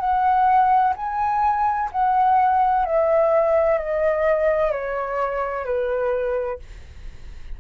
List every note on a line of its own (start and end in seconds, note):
0.00 0.94 F#5
0.96 1.90 G#5
1.92 2.85 F#5
2.85 3.78 E5
3.78 4.72 D#5
4.72 5.65 C#5
5.65 6.59 B4